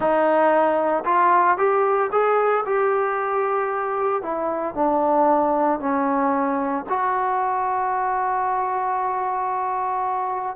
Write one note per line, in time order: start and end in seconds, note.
0.00 1.04 D#4
1.05 1.57 F4
1.57 2.10 G4
2.11 2.64 G#4
2.65 4.22 G4
4.22 4.74 E4
4.74 5.79 D4
5.79 6.84 C#4
6.89 10.55 F#4